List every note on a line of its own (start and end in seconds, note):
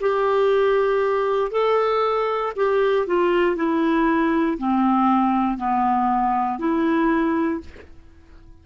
0.00 1.51 G4
1.51 2.52 A4
2.56 3.06 G4
3.06 3.55 F4
3.55 4.57 E4
4.58 5.57 C4
5.57 6.58 B3
6.58 7.60 E4